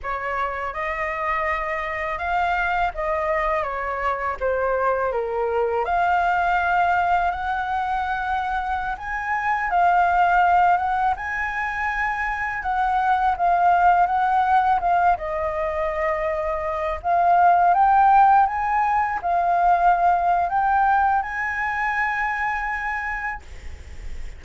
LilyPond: \new Staff \with { instrumentName = "flute" } { \time 4/4 \tempo 4 = 82 cis''4 dis''2 f''4 | dis''4 cis''4 c''4 ais'4 | f''2 fis''2~ | fis''16 gis''4 f''4. fis''8 gis''8.~ |
gis''4~ gis''16 fis''4 f''4 fis''8.~ | fis''16 f''8 dis''2~ dis''8 f''8.~ | f''16 g''4 gis''4 f''4.~ f''16 | g''4 gis''2. | }